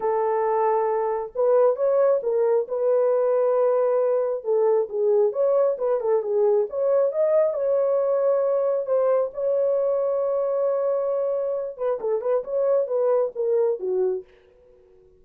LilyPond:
\new Staff \with { instrumentName = "horn" } { \time 4/4 \tempo 4 = 135 a'2. b'4 | cis''4 ais'4 b'2~ | b'2 a'4 gis'4 | cis''4 b'8 a'8 gis'4 cis''4 |
dis''4 cis''2. | c''4 cis''2.~ | cis''2~ cis''8 b'8 a'8 b'8 | cis''4 b'4 ais'4 fis'4 | }